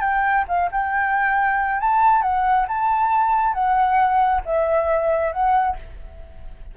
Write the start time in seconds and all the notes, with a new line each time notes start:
0.00 G5
0.48 F5
0.71 G5
1.80 A5
2.22 F#5
2.68 A5
3.53 F#5
4.45 E5
5.32 F#5